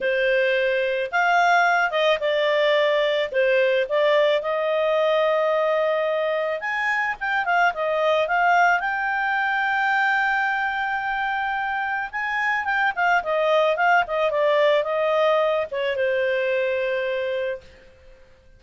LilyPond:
\new Staff \with { instrumentName = "clarinet" } { \time 4/4 \tempo 4 = 109 c''2 f''4. dis''8 | d''2 c''4 d''4 | dis''1 | gis''4 g''8 f''8 dis''4 f''4 |
g''1~ | g''2 gis''4 g''8 f''8 | dis''4 f''8 dis''8 d''4 dis''4~ | dis''8 cis''8 c''2. | }